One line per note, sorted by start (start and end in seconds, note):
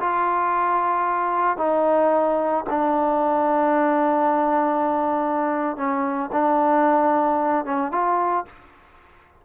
0.00 1.58 F4
1.58 2.65 D#4
2.70 5.77 D4
5.77 6.30 C#4
6.33 7.65 D4
7.65 7.92 C#4
7.92 8.45 F4